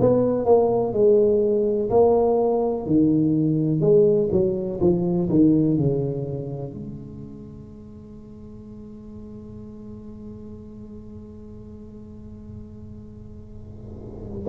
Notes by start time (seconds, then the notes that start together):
0.00 B3
0.46 A#3
0.94 G#3
1.91 A#3
2.87 D#3
3.81 G#3
4.32 F#3
4.81 F3
5.30 D#3
5.78 C#3
6.74 G#3